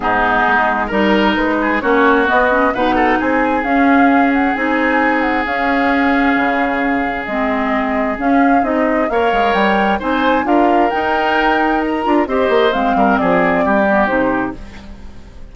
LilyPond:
<<
  \new Staff \with { instrumentName = "flute" } { \time 4/4 \tempo 4 = 132 gis'2 ais'4 b'4 | cis''4 dis''4 fis''4 gis''4 | f''4. fis''8 gis''4. fis''8 | f''1 |
dis''2 f''4 dis''4 | f''4 g''4 gis''4 f''4 | g''2 ais''4 dis''4 | f''4 d''2 c''4 | }
  \new Staff \with { instrumentName = "oboe" } { \time 4/4 dis'2 ais'4. gis'8 | fis'2 b'8 a'8 gis'4~ | gis'1~ | gis'1~ |
gis'1 | cis''2 c''4 ais'4~ | ais'2. c''4~ | c''8 ais'8 gis'4 g'2 | }
  \new Staff \with { instrumentName = "clarinet" } { \time 4/4 b2 dis'2 | cis'4 b8 cis'8 dis'2 | cis'2 dis'2 | cis'1 |
c'2 cis'4 dis'4 | ais'2 dis'4 f'4 | dis'2~ dis'8 f'8 g'4 | c'2~ c'8 b8 dis'4 | }
  \new Staff \with { instrumentName = "bassoon" } { \time 4/4 gis,4 gis4 g4 gis4 | ais4 b4 b,4 c'4 | cis'2 c'2 | cis'2 cis2 |
gis2 cis'4 c'4 | ais8 gis8 g4 c'4 d'4 | dis'2~ dis'8 d'8 c'8 ais8 | gis8 g8 f4 g4 c4 | }
>>